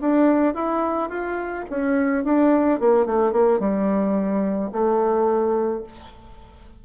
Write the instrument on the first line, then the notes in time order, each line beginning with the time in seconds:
bassoon
0.00 D4
0.54 E4
1.09 F4
1.69 C#4
2.24 D4
2.79 A#3
3.06 A3
3.32 A#3
3.59 G3
4.72 A3